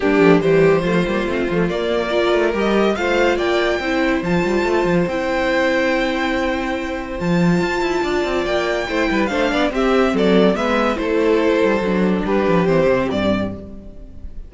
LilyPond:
<<
  \new Staff \with { instrumentName = "violin" } { \time 4/4 \tempo 4 = 142 g'4 c''2. | d''2 dis''4 f''4 | g''2 a''2 | g''1~ |
g''4 a''2. | g''2 f''4 e''4 | d''4 e''4 c''2~ | c''4 b'4 c''4 d''4 | }
  \new Staff \with { instrumentName = "violin" } { \time 4/4 d'4 g'4 f'2~ | f'4 ais'2 c''4 | d''4 c''2.~ | c''1~ |
c''2. d''4~ | d''4 c''8 b'8 c''8 d''8 g'4 | a'4 b'4 a'2~ | a'4 g'2. | }
  \new Staff \with { instrumentName = "viola" } { \time 4/4 ais8 a8 g4 a8 ais8 c'8 a8 | ais4 f'4 g'4 f'4~ | f'4 e'4 f'2 | e'1~ |
e'4 f'2.~ | f'4 e'4 d'4 c'4~ | c'4 b4 e'2 | d'2 c'2 | }
  \new Staff \with { instrumentName = "cello" } { \time 4/4 g8 f8 e4 f8 g8 a8 f8 | ais4. a8 g4 a4 | ais4 c'4 f8 g8 a8 f8 | c'1~ |
c'4 f4 f'8 e'8 d'8 c'8 | ais4 a8 g8 a8 b8 c'4 | fis4 gis4 a4. g8 | fis4 g8 f8 e8 c8 g,4 | }
>>